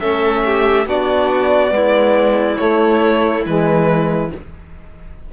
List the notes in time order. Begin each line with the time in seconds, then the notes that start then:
0.00 A3 C#4 A4 E5
0.45 G4
0.86 B3 D4 F#4 D5
1.69 G#3 B3
1.75 E4
2.57 A3 C#5
3.46 E3 G#3 B4